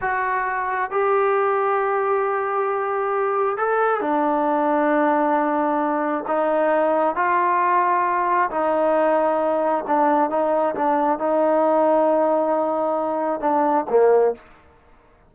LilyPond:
\new Staff \with { instrumentName = "trombone" } { \time 4/4 \tempo 4 = 134 fis'2 g'2~ | g'1 | a'4 d'2.~ | d'2 dis'2 |
f'2. dis'4~ | dis'2 d'4 dis'4 | d'4 dis'2.~ | dis'2 d'4 ais4 | }